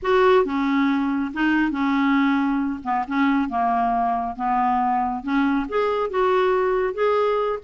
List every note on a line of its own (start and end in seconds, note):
0.02 0.45 F#4
0.45 1.32 C#4
1.33 1.71 D#4
1.71 2.79 C#4
2.83 3.05 B3
3.07 3.49 C#4
3.49 4.36 A#3
4.36 5.23 B3
5.23 5.66 C#4
5.68 6.10 G#4
6.10 6.94 F#4
6.94 7.59 G#4